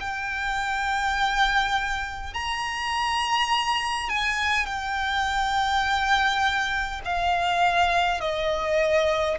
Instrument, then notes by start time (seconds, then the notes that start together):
violin
0.00 G5
2.33 A#5
4.09 G#5
4.66 G5
7.05 F5
8.20 D#5